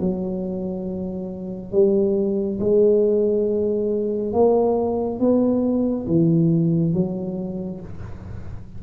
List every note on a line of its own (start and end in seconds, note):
0.00 1.72 F#3
1.72 2.59 G3
2.60 4.33 G#3
4.33 5.20 A#3
5.20 6.07 B3
6.07 6.94 E3
6.94 7.81 F#3